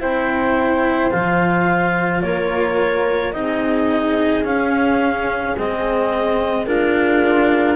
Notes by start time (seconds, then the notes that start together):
0.00 C4 E4 C5 G5
1.11 F3 F4 F5
2.22 A#3 A#4 C#5
3.33 C4 D#4 G#4 D#5
4.44 C#4 F5
5.58 G#3 C4 D#5
6.66 D4 F4 A#4